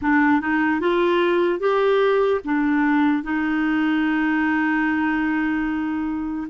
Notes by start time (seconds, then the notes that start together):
0.01 D4
0.41 D#4
0.80 F4
1.59 G4
2.44 D4
3.23 D#4